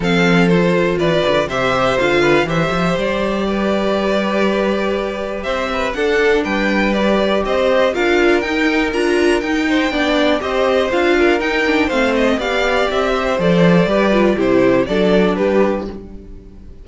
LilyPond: <<
  \new Staff \with { instrumentName = "violin" } { \time 4/4 \tempo 4 = 121 f''4 c''4 d''4 e''4 | f''4 e''4 d''2~ | d''2. e''4 | fis''4 g''4 d''4 dis''4 |
f''4 g''4 ais''4 g''4~ | g''4 dis''4 f''4 g''4 | f''8 dis''8 f''4 e''4 d''4~ | d''4 c''4 d''4 b'4 | }
  \new Staff \with { instrumentName = "violin" } { \time 4/4 a'2 b'4 c''4~ | c''8 b'8 c''2 b'4~ | b'2. c''8 b'8 | a'4 b'2 c''4 |
ais'2.~ ais'8 c''8 | d''4 c''4. ais'4. | c''4 d''4. c''4. | b'4 g'4 a'4 g'4 | }
  \new Staff \with { instrumentName = "viola" } { \time 4/4 c'4 f'2 g'4 | f'4 g'2.~ | g'1 | d'2 g'2 |
f'4 dis'4 f'4 dis'4 | d'4 g'4 f'4 dis'8 d'8 | c'4 g'2 a'4 | g'8 f'8 e'4 d'2 | }
  \new Staff \with { instrumentName = "cello" } { \time 4/4 f2 e8 d8 c4 | d4 e8 f8 g2~ | g2. c'4 | d'4 g2 c'4 |
d'4 dis'4 d'4 dis'4 | b4 c'4 d'4 dis'4 | a4 b4 c'4 f4 | g4 c4 fis4 g4 | }
>>